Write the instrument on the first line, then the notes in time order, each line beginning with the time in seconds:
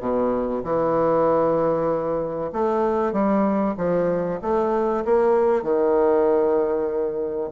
bassoon
0.00 B2
0.63 E3
2.52 A3
3.12 G3
3.77 F3
4.41 A3
5.05 A#3
5.62 D#3